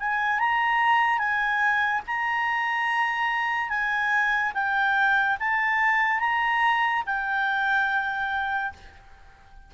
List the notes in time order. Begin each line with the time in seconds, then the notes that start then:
0.00 G#5
0.39 A#5
1.19 G#5
2.07 A#5
3.69 G#5
4.54 G5
5.40 A5
6.20 A#5
7.06 G5